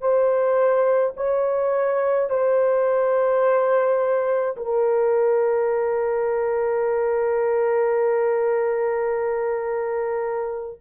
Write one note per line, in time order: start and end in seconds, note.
0.00 1.13 C5
1.16 2.30 C#5
2.30 4.56 C5
4.56 10.79 A#4